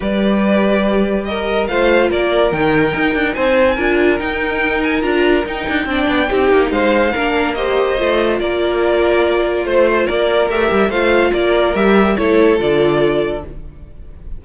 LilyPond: <<
  \new Staff \with { instrumentName = "violin" } { \time 4/4 \tempo 4 = 143 d''2. dis''4 | f''4 d''4 g''2 | gis''2 g''4. gis''8 | ais''4 g''2. |
f''2 dis''2 | d''2. c''4 | d''4 e''4 f''4 d''4 | e''4 cis''4 d''2 | }
  \new Staff \with { instrumentName = "violin" } { \time 4/4 b'2. ais'4 | c''4 ais'2. | c''4 ais'2.~ | ais'2 d''4 g'4 |
c''4 ais'4 c''2 | ais'2. c''4 | ais'2 c''4 ais'4~ | ais'4 a'2. | }
  \new Staff \with { instrumentName = "viola" } { \time 4/4 g'1 | f'2 dis'2~ | dis'4 f'4 dis'2 | f'4 dis'4 d'4 dis'4~ |
dis'4 d'4 g'4 f'4~ | f'1~ | f'4 g'4 f'2 | g'4 e'4 f'2 | }
  \new Staff \with { instrumentName = "cello" } { \time 4/4 g1 | a4 ais4 dis4 dis'8 d'8 | c'4 d'4 dis'2 | d'4 dis'8 d'8 c'8 b8 c'8 ais8 |
gis4 ais2 a4 | ais2. a4 | ais4 a8 g8 a4 ais4 | g4 a4 d2 | }
>>